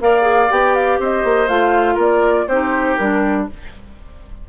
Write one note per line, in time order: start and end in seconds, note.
0.00 0.50 A#3
0.00 0.22 A#4
0.00 1.00 D5
0.00 0.51 F5
0.22 0.46 G#4
0.50 0.99 B3
0.50 1.48 G4
0.50 0.75 G5
0.75 1.00 F5
0.99 1.24 C4
0.99 1.94 C5
0.99 1.48 D#5
1.24 1.48 A#3
1.48 1.97 A3
1.48 2.47 F4
1.48 1.97 F5
1.94 2.47 A#3
1.94 2.44 A#4
2.01 2.47 D5
2.47 2.98 C4
2.47 2.99 D#4
2.47 3.47 G4
2.47 2.96 C5
2.96 3.49 G3
2.96 3.49 D4
2.96 3.46 A#4